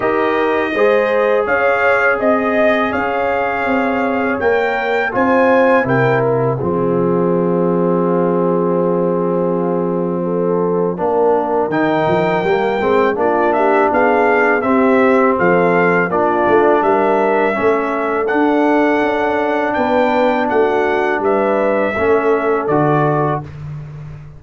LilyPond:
<<
  \new Staff \with { instrumentName = "trumpet" } { \time 4/4 \tempo 4 = 82 dis''2 f''4 dis''4 | f''2 g''4 gis''4 | g''8 f''2.~ f''8~ | f''1 |
g''2 d''8 e''8 f''4 | e''4 f''4 d''4 e''4~ | e''4 fis''2 g''4 | fis''4 e''2 d''4 | }
  \new Staff \with { instrumentName = "horn" } { \time 4/4 ais'4 c''4 cis''4 dis''4 | cis''2. c''4 | ais'4 gis'2.~ | gis'2 a'4 ais'4~ |
ais'2 f'8 g'8 gis'4 | g'4 a'4 f'4 ais'4 | a'2. b'4 | fis'4 b'4 a'2 | }
  \new Staff \with { instrumentName = "trombone" } { \time 4/4 g'4 gis'2.~ | gis'2 ais'4 f'4 | e'4 c'2.~ | c'2. d'4 |
dis'4 ais8 c'8 d'2 | c'2 d'2 | cis'4 d'2.~ | d'2 cis'4 fis'4 | }
  \new Staff \with { instrumentName = "tuba" } { \time 4/4 dis'4 gis4 cis'4 c'4 | cis'4 c'4 ais4 c'4 | c4 f2.~ | f2. ais4 |
dis8 f8 g8 gis8 ais4 b4 | c'4 f4 ais8 a8 g4 | a4 d'4 cis'4 b4 | a4 g4 a4 d4 | }
>>